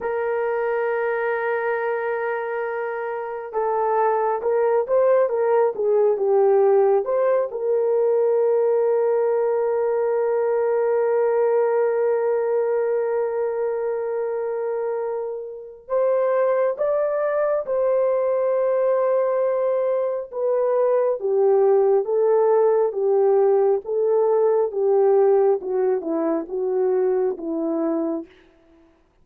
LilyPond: \new Staff \with { instrumentName = "horn" } { \time 4/4 \tempo 4 = 68 ais'1 | a'4 ais'8 c''8 ais'8 gis'8 g'4 | c''8 ais'2.~ ais'8~ | ais'1~ |
ais'2 c''4 d''4 | c''2. b'4 | g'4 a'4 g'4 a'4 | g'4 fis'8 e'8 fis'4 e'4 | }